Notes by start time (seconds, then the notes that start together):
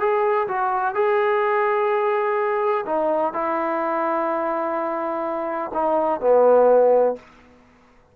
0.00 G#4
0.48 F#4
0.95 G#4
2.86 D#4
3.34 E4
5.74 D#4
6.21 B3